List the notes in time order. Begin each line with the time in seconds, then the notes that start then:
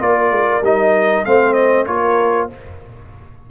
0.00 A#3 F4 A#4 D5
0.31 G#3
0.62 G3 D#4 D#5
1.25 A3 C4 C5 F5
1.54 D#5
1.86 A#3 F4 A#4 C#5